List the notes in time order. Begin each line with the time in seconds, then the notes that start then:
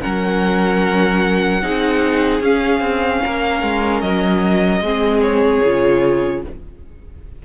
0.00 F#3 C#4 A#4 F#5
1.62 C4 D#4 G#4
2.40 C#4 F5
2.80 C4
3.23 A#3 A#4
3.62 G#3
4.00 F#3 D#5
4.80 G#3 C4 G#4
5.21 C#5
5.65 C#3 F4